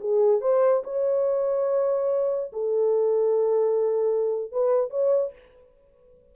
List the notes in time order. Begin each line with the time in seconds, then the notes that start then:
0.00 G#4
0.41 C5
0.84 C#5
2.53 A4
4.52 B4
4.90 C#5